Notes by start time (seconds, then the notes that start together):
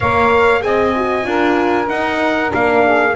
0.00 A#3 A#4 C#5 F5
0.60 C4 G#4 D#5 G#5
0.95 F#4
1.22 D4 F4 A#4
1.87 D#4 F#5
2.48 A#3 D4 F5
2.84 G#4